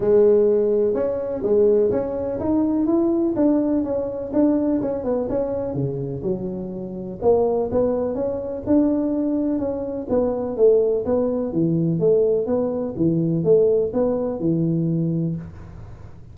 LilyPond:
\new Staff \with { instrumentName = "tuba" } { \time 4/4 \tempo 4 = 125 gis2 cis'4 gis4 | cis'4 dis'4 e'4 d'4 | cis'4 d'4 cis'8 b8 cis'4 | cis4 fis2 ais4 |
b4 cis'4 d'2 | cis'4 b4 a4 b4 | e4 a4 b4 e4 | a4 b4 e2 | }